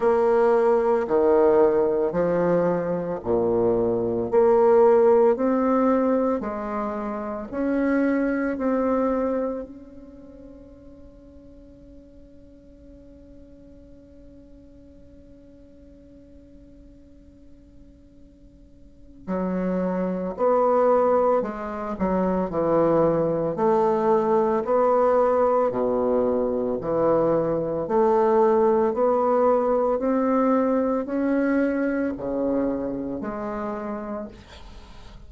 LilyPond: \new Staff \with { instrumentName = "bassoon" } { \time 4/4 \tempo 4 = 56 ais4 dis4 f4 ais,4 | ais4 c'4 gis4 cis'4 | c'4 cis'2.~ | cis'1~ |
cis'2 fis4 b4 | gis8 fis8 e4 a4 b4 | b,4 e4 a4 b4 | c'4 cis'4 cis4 gis4 | }